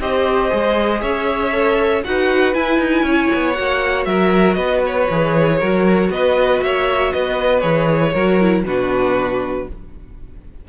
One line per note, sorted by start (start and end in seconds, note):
0.00 0.51 C4
0.00 0.50 G4
0.00 1.02 C5
0.00 1.01 D#5
0.50 1.02 G#3
0.50 1.52 G#4
1.01 2.04 C#4
1.01 2.03 C#5
1.01 2.03 E5
1.52 2.03 A4
2.04 2.55 D#4
2.04 2.54 F#4
2.04 3.06 B4
2.04 2.54 F#5
2.54 3.55 E4
2.54 2.79 E4
2.54 3.53 G#5
2.79 3.03 D#4
3.03 3.28 C#4
3.03 4.08 C#5
3.34 3.58 B3
3.53 4.06 A#3
3.53 5.07 F#4
3.53 4.04 F#5
4.05 4.57 F#3
4.05 4.57 A#4
4.05 4.54 E5
4.54 5.08 B3
4.54 5.58 B4
4.54 4.80 D#5
4.86 6.11 C#5
5.10 5.61 E3
5.10 5.62 G#4
5.60 6.10 F#3
5.60 7.61 F#4
5.60 6.10 A#4
6.10 6.61 B3
6.10 6.64 B4
6.10 6.62 D#5
6.62 7.13 A#3
6.62 7.13 C#5
6.62 7.13 E5
7.13 7.63 B3
7.13 8.13 B4
7.13 7.60 D#5
7.60 8.14 E3
7.60 8.11 G#4
7.60 8.62 C#5
8.13 8.65 F#3
8.13 8.41 F#4
8.13 8.63 A#4
8.41 8.66 E4
8.65 9.66 B2
8.65 9.68 D4
8.65 9.68 F#4
8.65 9.69 B4